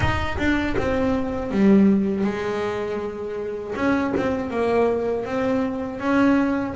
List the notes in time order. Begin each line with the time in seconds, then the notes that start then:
0.00 D#4
0.38 D4
0.77 C4
1.51 G3
2.24 G#3
3.75 C#4
4.16 C4
4.50 A#3
5.25 C4
5.99 C#4